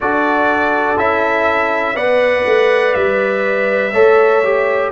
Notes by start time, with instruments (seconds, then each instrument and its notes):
0.00 tuba D4, trombone F#4, horn A4, trumpet D5
0.97 tuba C#4, trombone E4, trumpet E5
1.94 tuba B3, trombone B4, horn D5, trumpet F#5
2.45 tuba A3
2.94 tuba G3, trumpet E5
3.92 tuba A3, trombone A4, horn C#5
4.43 trombone G4